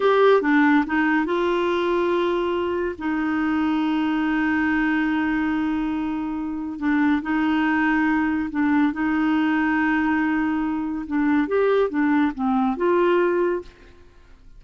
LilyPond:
\new Staff \with { instrumentName = "clarinet" } { \time 4/4 \tempo 4 = 141 g'4 d'4 dis'4 f'4~ | f'2. dis'4~ | dis'1~ | dis'1 |
d'4 dis'2. | d'4 dis'2.~ | dis'2 d'4 g'4 | d'4 c'4 f'2 | }